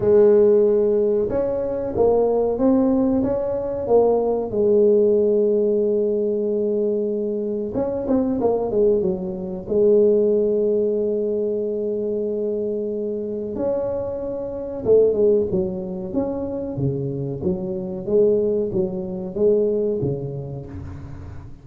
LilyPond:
\new Staff \with { instrumentName = "tuba" } { \time 4/4 \tempo 4 = 93 gis2 cis'4 ais4 | c'4 cis'4 ais4 gis4~ | gis1 | cis'8 c'8 ais8 gis8 fis4 gis4~ |
gis1~ | gis4 cis'2 a8 gis8 | fis4 cis'4 cis4 fis4 | gis4 fis4 gis4 cis4 | }